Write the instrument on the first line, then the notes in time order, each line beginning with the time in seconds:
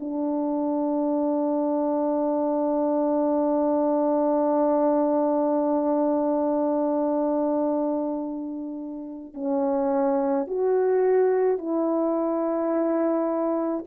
horn
0.00 D4
9.34 C#4
10.48 F#4
11.58 E4